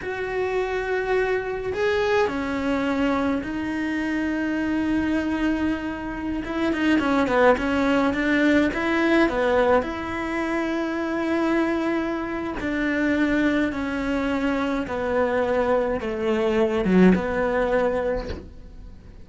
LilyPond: \new Staff \with { instrumentName = "cello" } { \time 4/4 \tempo 4 = 105 fis'2. gis'4 | cis'2 dis'2~ | dis'2.~ dis'16 e'8 dis'16~ | dis'16 cis'8 b8 cis'4 d'4 e'8.~ |
e'16 b4 e'2~ e'8.~ | e'2 d'2 | cis'2 b2 | a4. fis8 b2 | }